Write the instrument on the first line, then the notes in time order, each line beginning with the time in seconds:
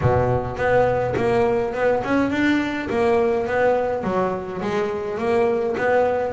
double bass
0.01 B2
0.56 B3
1.16 A#3
1.74 B3
2.04 C#4
2.30 D4
2.89 A#3
3.46 B3
4.03 F#3
4.61 G#3
5.18 A#3
5.77 B3